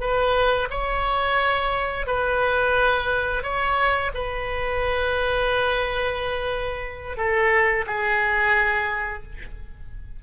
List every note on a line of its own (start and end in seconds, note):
0.00 0.68 B4
0.70 2.06 C#5
2.06 3.43 B4
3.43 4.11 C#5
4.14 7.17 B4
7.17 7.85 A4
7.87 9.23 G#4